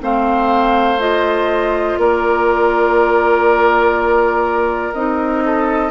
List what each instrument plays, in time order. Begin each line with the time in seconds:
0.00 bassoon A3, clarinet C4, oboe C5, flute F5
0.99 clarinet F4, flute D#5
1.97 bassoon A#3, oboe A#4, flute D5
4.93 bassoon C4, clarinet D#4, flute D#5
5.44 oboe A4